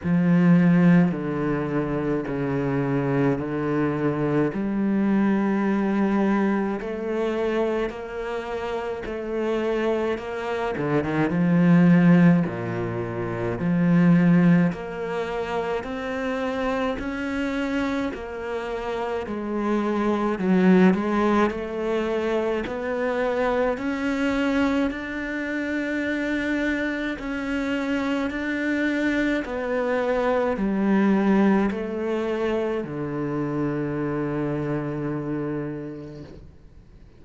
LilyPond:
\new Staff \with { instrumentName = "cello" } { \time 4/4 \tempo 4 = 53 f4 d4 cis4 d4 | g2 a4 ais4 | a4 ais8 d16 dis16 f4 ais,4 | f4 ais4 c'4 cis'4 |
ais4 gis4 fis8 gis8 a4 | b4 cis'4 d'2 | cis'4 d'4 b4 g4 | a4 d2. | }